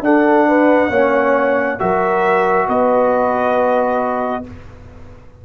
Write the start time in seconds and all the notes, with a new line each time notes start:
0.00 D4 A4 F#5
0.48 B4
0.90 A#3 C#4 C#5
1.79 F#3 F#4 A#4 E5
2.68 B3 B4 D#5